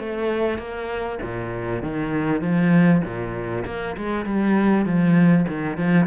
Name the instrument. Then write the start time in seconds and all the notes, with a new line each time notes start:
cello
0.00 A3
0.59 A#3
1.23 A#2
1.83 D#3
2.42 F3
3.05 A#2
3.66 A#3
3.98 G#3
4.26 G3
4.86 F3
5.48 D#3
5.78 F3